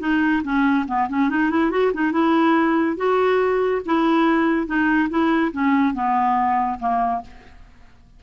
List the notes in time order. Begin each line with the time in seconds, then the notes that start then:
0.00 D#4
0.44 C#4
0.88 B3
1.09 C#4
1.30 D#4
1.50 E4
1.71 F#4
1.93 D#4
2.12 E4
2.97 F#4
3.86 E4
4.67 D#4
5.09 E4
5.52 C#4
5.94 B3
6.79 A#3